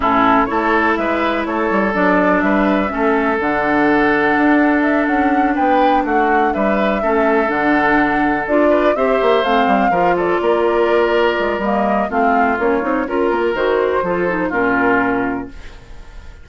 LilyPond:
<<
  \new Staff \with { instrumentName = "flute" } { \time 4/4 \tempo 4 = 124 a'4 cis''4 e''4 cis''4 | d''4 e''2 fis''4~ | fis''2 e''8 fis''4 g''8~ | g''8 fis''4 e''2 fis''8~ |
fis''4. d''4 e''4 f''8~ | f''4 d''2. | dis''4 f''4 cis''4 ais'4 | c''2 ais'2 | }
  \new Staff \with { instrumentName = "oboe" } { \time 4/4 e'4 a'4 b'4 a'4~ | a'4 b'4 a'2~ | a'2.~ a'8 b'8~ | b'8 fis'4 b'4 a'4.~ |
a'2 b'8 c''4.~ | c''8 ais'8 a'8 ais'2~ ais'8~ | ais'4 f'2 ais'4~ | ais'4 a'4 f'2 | }
  \new Staff \with { instrumentName = "clarinet" } { \time 4/4 cis'4 e'2. | d'2 cis'4 d'4~ | d'1~ | d'2~ d'8 cis'4 d'8~ |
d'4. f'4 g'4 c'8~ | c'8 f'2.~ f'8 | ais4 c'4 cis'8 dis'8 f'4 | fis'4 f'8 dis'8 cis'2 | }
  \new Staff \with { instrumentName = "bassoon" } { \time 4/4 a,4 a4 gis4 a8 g8 | fis4 g4 a4 d4~ | d4 d'4. cis'4 b8~ | b8 a4 g4 a4 d8~ |
d4. d'4 c'8 ais8 a8 | g8 f4 ais2 gis8 | g4 a4 ais8 c'8 cis'8 ais8 | dis4 f4 ais,2 | }
>>